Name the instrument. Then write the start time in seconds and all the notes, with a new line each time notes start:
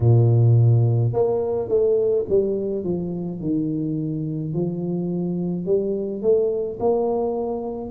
tuba
0.00 A#2
1.12 A#3
1.68 A3
2.28 G3
2.84 F3
3.40 D#3
4.53 F3
5.65 G3
6.22 A3
6.79 A#3